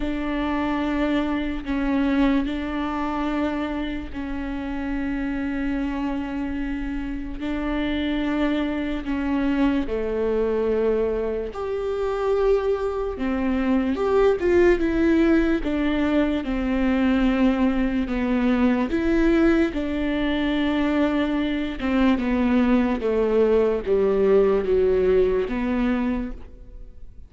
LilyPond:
\new Staff \with { instrumentName = "viola" } { \time 4/4 \tempo 4 = 73 d'2 cis'4 d'4~ | d'4 cis'2.~ | cis'4 d'2 cis'4 | a2 g'2 |
c'4 g'8 f'8 e'4 d'4 | c'2 b4 e'4 | d'2~ d'8 c'8 b4 | a4 g4 fis4 b4 | }